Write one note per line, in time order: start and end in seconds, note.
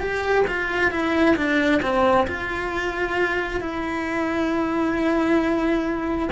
0.00 0.45 G4
0.47 0.91 F4
0.91 1.36 E4
1.36 1.81 D4
1.82 2.26 C4
2.27 3.60 F4
3.60 6.29 E4